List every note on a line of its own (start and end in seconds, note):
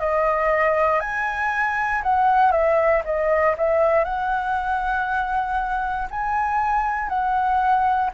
0.00 1.00 D#5
1.00 2.02 G#5
2.03 2.52 F#5
2.52 3.03 E5
3.05 3.55 D#5
3.58 4.04 E5
4.04 6.08 F#5
6.11 7.09 G#5
7.09 8.10 F#5